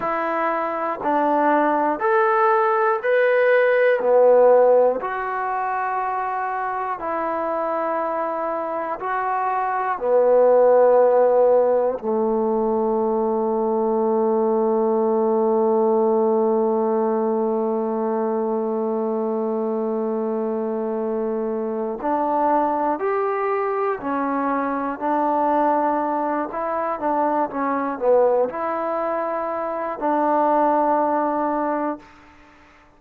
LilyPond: \new Staff \with { instrumentName = "trombone" } { \time 4/4 \tempo 4 = 60 e'4 d'4 a'4 b'4 | b4 fis'2 e'4~ | e'4 fis'4 b2 | a1~ |
a1~ | a2 d'4 g'4 | cis'4 d'4. e'8 d'8 cis'8 | b8 e'4. d'2 | }